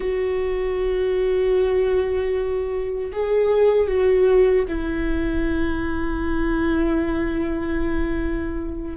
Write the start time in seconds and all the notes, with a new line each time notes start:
0.00 F#4
3.12 G#4
3.87 F#4
4.68 E4